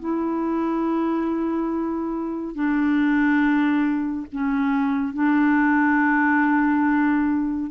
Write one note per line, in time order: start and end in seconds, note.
0.00 2.55 E4
2.55 4.27 D4
4.32 5.14 C#4
5.14 7.71 D4